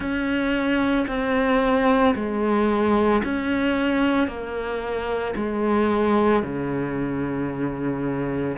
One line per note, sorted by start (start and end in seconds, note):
0.00 1.06 C#4
1.07 2.14 C4
2.15 3.22 G#3
3.24 4.27 C#4
4.27 5.34 A#3
5.35 6.42 G#3
6.42 8.57 C#3